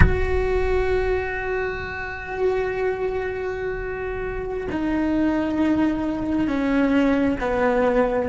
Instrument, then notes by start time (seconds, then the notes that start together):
cello
0.00 F#4
4.71 D#4
6.47 C#4
7.40 B3